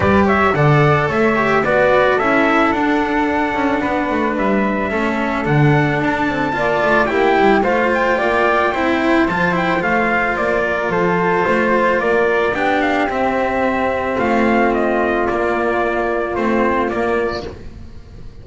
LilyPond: <<
  \new Staff \with { instrumentName = "trumpet" } { \time 4/4 \tempo 4 = 110 d''8 e''8 fis''4 e''4 d''4 | e''4 fis''2. | e''2 fis''4 a''4~ | a''4 g''4 f''8 g''4.~ |
g''4 a''8 g''8 f''4 d''4 | c''2 d''4 g''8 f''8 | e''2 f''4 dis''4 | d''2 c''4 d''4 | }
  \new Staff \with { instrumentName = "flute" } { \time 4/4 b'8 cis''8 d''4 cis''4 b'4 | a'2. b'4~ | b'4 a'2. | d''4 g'4 c''4 d''4 |
c''2.~ c''8 ais'8 | a'4 c''4 ais'4 g'4~ | g'2 f'2~ | f'1 | }
  \new Staff \with { instrumentName = "cello" } { \time 4/4 g'4 a'4. g'8 fis'4 | e'4 d'2.~ | d'4 cis'4 d'2 | f'4 e'4 f'2 |
e'4 f'8 e'8 f'2~ | f'2. d'4 | c'1 | ais2 c'4 ais4 | }
  \new Staff \with { instrumentName = "double bass" } { \time 4/4 g4 d4 a4 b4 | cis'4 d'4. cis'8 b8 a8 | g4 a4 d4 d'8 c'8 | ais8 a8 ais8 g8 a4 ais4 |
c'4 f4 a4 ais4 | f4 a4 ais4 b4 | c'2 a2 | ais2 a4 ais4 | }
>>